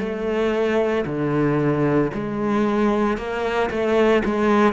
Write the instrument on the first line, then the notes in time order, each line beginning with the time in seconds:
cello
0.00 A3
1.06 D3
2.14 G#3
3.18 A#3
3.71 A3
4.26 G#3